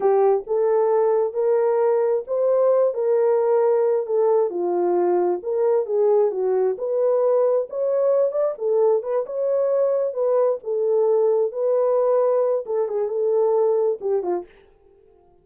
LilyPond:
\new Staff \with { instrumentName = "horn" } { \time 4/4 \tempo 4 = 133 g'4 a'2 ais'4~ | ais'4 c''4. ais'4.~ | ais'4 a'4 f'2 | ais'4 gis'4 fis'4 b'4~ |
b'4 cis''4. d''8 a'4 | b'8 cis''2 b'4 a'8~ | a'4. b'2~ b'8 | a'8 gis'8 a'2 g'8 f'8 | }